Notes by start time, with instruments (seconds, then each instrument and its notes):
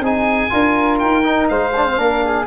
0.00 tuba C4, trombone D#4, flute G#4, oboe G#5
0.50 tuba D4, trombone F4, flute A#4
0.99 tuba D#4, oboe G5
1.24 trombone D#4
1.49 tuba G#3, flute C5, oboe F5
1.76 trombone D4
1.86 trombone C4
1.97 tuba A#3, trombone D4, flute A#4
2.24 flute G#4